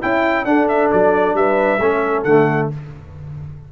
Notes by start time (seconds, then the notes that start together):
0.00 C#4 E4 G5
0.45 D4 A4 F#5
0.68 E5
0.91 F#3 D5
1.34 G3 B4 E5
1.79 A3 C#4 A4
2.23 D3 A3 F#5